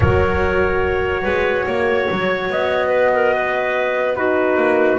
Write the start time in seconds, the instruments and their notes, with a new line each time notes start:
0.00 double bass F#3, horn F#4, clarinet A#4, trumpet C#5
1.23 double bass G#3, clarinet B4
1.66 double bass A#3, clarinet C#5
2.11 double bass F#3
2.49 double bass B3, trumpet D#5
2.88 clarinet B4
3.14 clarinet A#4
3.34 clarinet B4
4.15 horn D#4, clarinet F#4, trumpet B4
4.56 double bass A#3